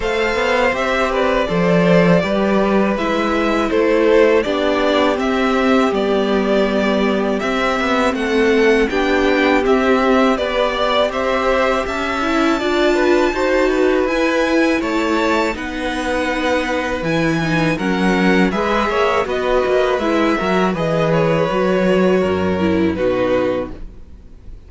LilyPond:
<<
  \new Staff \with { instrumentName = "violin" } { \time 4/4 \tempo 4 = 81 f''4 e''8 d''2~ d''8 | e''4 c''4 d''4 e''4 | d''2 e''4 fis''4 | g''4 e''4 d''4 e''4 |
a''2. gis''4 | a''4 fis''2 gis''4 | fis''4 e''4 dis''4 e''4 | dis''8 cis''2~ cis''8 b'4 | }
  \new Staff \with { instrumentName = "violin" } { \time 4/4 c''4. b'8 c''4 b'4~ | b'4 a'4 g'2~ | g'2. a'4 | g'2 b'8 d''8 c''4 |
e''4 d''8 b'8 c''8 b'4. | cis''4 b'2. | ais'4 b'8 cis''8 b'4. ais'8 | b'2 ais'4 fis'4 | }
  \new Staff \with { instrumentName = "viola" } { \time 4/4 a'4 g'4 a'4 g'4 | e'2 d'4 c'4 | b2 c'2 | d'4 c'4 g'2~ |
g'8 e'8 f'4 fis'4 e'4~ | e'4 dis'2 e'8 dis'8 | cis'4 gis'4 fis'4 e'8 fis'8 | gis'4 fis'4. e'8 dis'4 | }
  \new Staff \with { instrumentName = "cello" } { \time 4/4 a8 b8 c'4 f4 g4 | gis4 a4 b4 c'4 | g2 c'8 b8 a4 | b4 c'4 b4 c'4 |
cis'4 d'4 dis'4 e'4 | a4 b2 e4 | fis4 gis8 ais8 b8 ais8 gis8 fis8 | e4 fis4 fis,4 b,4 | }
>>